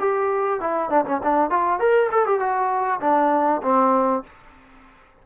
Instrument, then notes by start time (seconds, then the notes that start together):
trombone
0.00 G4
0.61 E4
0.90 D4
1.06 C#4
1.24 D4
1.50 F4
1.80 A#4
2.12 A4
2.27 G4
2.40 F#4
3.01 D4
3.63 C4